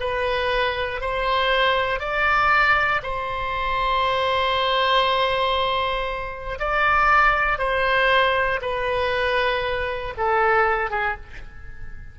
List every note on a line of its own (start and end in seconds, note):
0.00 1.01 B4
1.01 2.00 C5
2.00 3.01 D5
3.03 6.59 C5
6.59 7.59 D5
7.59 8.60 C5
8.62 10.14 B4
10.17 10.91 A4
10.91 11.16 G#4